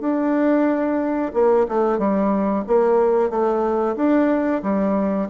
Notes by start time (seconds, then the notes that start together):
0.00 D4
1.33 A#3
1.68 A3
1.98 G3
2.67 A#3
3.30 A3
3.96 D4
4.63 G3